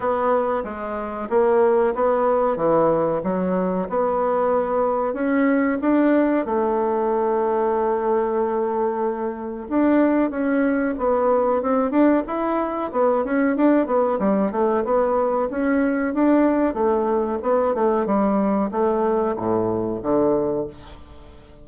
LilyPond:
\new Staff \with { instrumentName = "bassoon" } { \time 4/4 \tempo 4 = 93 b4 gis4 ais4 b4 | e4 fis4 b2 | cis'4 d'4 a2~ | a2. d'4 |
cis'4 b4 c'8 d'8 e'4 | b8 cis'8 d'8 b8 g8 a8 b4 | cis'4 d'4 a4 b8 a8 | g4 a4 a,4 d4 | }